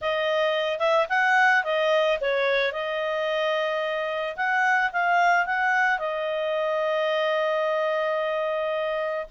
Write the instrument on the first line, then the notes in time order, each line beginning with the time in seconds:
clarinet
0.01 D#5
0.79 E5
1.09 F#5
1.64 D#5
2.20 C#5
2.72 D#5
4.36 F#5
4.92 F5
5.45 F#5
5.99 D#5